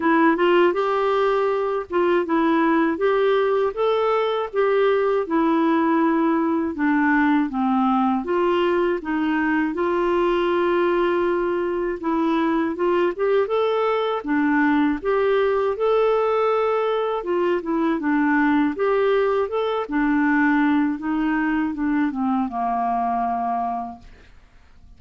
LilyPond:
\new Staff \with { instrumentName = "clarinet" } { \time 4/4 \tempo 4 = 80 e'8 f'8 g'4. f'8 e'4 | g'4 a'4 g'4 e'4~ | e'4 d'4 c'4 f'4 | dis'4 f'2. |
e'4 f'8 g'8 a'4 d'4 | g'4 a'2 f'8 e'8 | d'4 g'4 a'8 d'4. | dis'4 d'8 c'8 ais2 | }